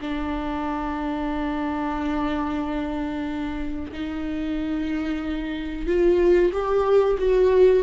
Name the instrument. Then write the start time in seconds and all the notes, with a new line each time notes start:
viola
0.00 D4
3.92 D#4
5.86 F4
6.52 G4
7.18 F#4